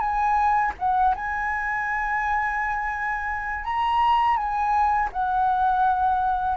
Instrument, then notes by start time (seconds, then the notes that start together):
flute
0.00 G#5
0.79 F#5
1.15 G#5
3.64 A#5
4.37 G#5
5.12 F#5